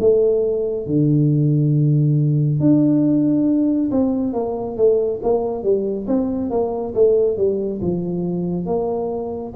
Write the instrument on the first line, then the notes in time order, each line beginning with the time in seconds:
tuba
0.00 A3
0.87 D3
2.60 D4
3.92 C4
4.34 A#3
4.77 A3
5.23 A#3
5.63 G3
6.08 C4
6.51 A#3
6.95 A3
7.38 G3
7.81 F3
8.66 A#3